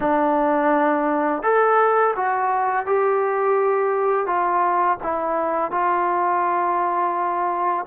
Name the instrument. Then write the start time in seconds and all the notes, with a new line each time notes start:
trombone
0.00 D4
1.43 A4
2.16 F#4
2.85 G4
4.26 F4
5.03 E4
5.71 F4